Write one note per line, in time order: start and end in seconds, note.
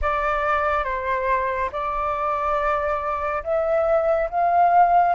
0.01 0.84 D5
0.84 1.69 C5
1.71 3.43 D5
3.43 4.29 E5
4.30 5.15 F5